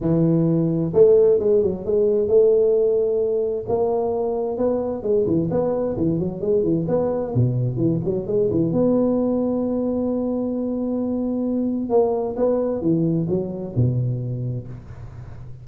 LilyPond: \new Staff \with { instrumentName = "tuba" } { \time 4/4 \tempo 4 = 131 e2 a4 gis8 fis8 | gis4 a2. | ais2 b4 gis8 e8 | b4 e8 fis8 gis8 e8 b4 |
b,4 e8 fis8 gis8 e8 b4~ | b1~ | b2 ais4 b4 | e4 fis4 b,2 | }